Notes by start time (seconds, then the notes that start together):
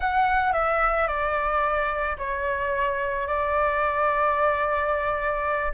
0.00 F#5
0.53 E5
1.07 D5
2.18 C#5
3.27 D5